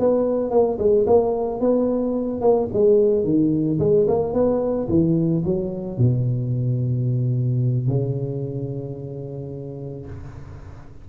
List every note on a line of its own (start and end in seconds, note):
0.00 0.51 B3
0.51 0.78 A#3
0.79 1.06 G#3
1.07 1.61 A#3
1.61 2.41 B3
2.41 2.69 A#3
2.73 3.25 G#3
3.25 3.79 D#3
3.80 4.07 G#3
4.08 4.34 A#3
4.34 4.89 B3
4.89 5.44 E3
5.45 5.98 F#3
5.98 7.88 B2
7.88 10.07 C#3